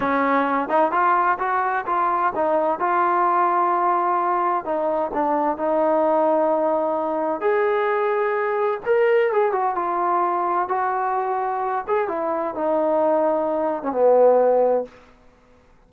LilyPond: \new Staff \with { instrumentName = "trombone" } { \time 4/4 \tempo 4 = 129 cis'4. dis'8 f'4 fis'4 | f'4 dis'4 f'2~ | f'2 dis'4 d'4 | dis'1 |
gis'2. ais'4 | gis'8 fis'8 f'2 fis'4~ | fis'4. gis'8 e'4 dis'4~ | dis'4.~ dis'16 cis'16 b2 | }